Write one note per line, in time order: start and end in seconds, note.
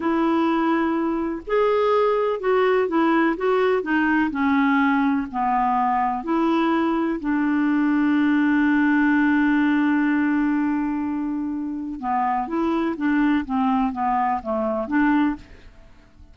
0.00 1.41 E4
1.46 2.40 G#4
2.40 2.88 F#4
2.88 3.36 E4
3.36 3.82 F#4
3.82 4.30 D#4
4.30 5.26 C#4
5.31 6.23 B3
6.23 7.19 E4
7.20 12.00 D4
12.00 12.47 B3
12.47 12.95 E4
12.96 13.44 D4
13.45 13.92 C4
13.92 14.40 B3
14.42 14.87 A3
14.87 15.35 D4